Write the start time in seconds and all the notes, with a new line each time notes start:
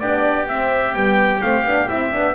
0.00 B3 D4 G4 D5
0.48 C4 E5
0.94 G3 B3 G5
1.41 A3 C4 F5
1.64 B3 D4
1.88 C4 E4 E5
2.12 B3 D4